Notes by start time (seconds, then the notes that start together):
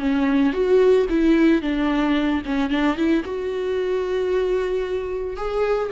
0.00 C#4
0.53 F#4
1.10 E4
1.62 D4
2.46 C#4
2.70 D4
2.97 E4
3.25 F#4
5.37 G#4